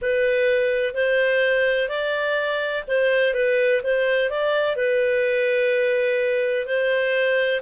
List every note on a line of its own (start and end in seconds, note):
0.01 0.94 B4
0.94 1.88 C5
1.88 2.84 D5
2.87 3.34 C5
3.34 3.81 B4
3.83 4.30 C5
4.30 4.76 D5
4.76 6.66 B4
6.66 7.61 C5